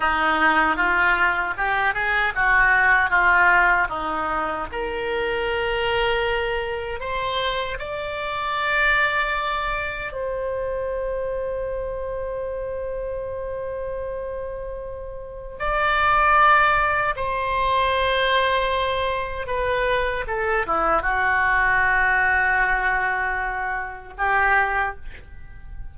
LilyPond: \new Staff \with { instrumentName = "oboe" } { \time 4/4 \tempo 4 = 77 dis'4 f'4 g'8 gis'8 fis'4 | f'4 dis'4 ais'2~ | ais'4 c''4 d''2~ | d''4 c''2.~ |
c''1 | d''2 c''2~ | c''4 b'4 a'8 e'8 fis'4~ | fis'2. g'4 | }